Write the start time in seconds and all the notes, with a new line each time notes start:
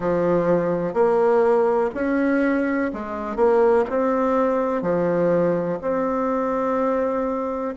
0.00 F3
0.93 A#3
1.94 C#4
2.93 G#3
3.36 A#3
3.89 C4
4.82 F3
5.81 C4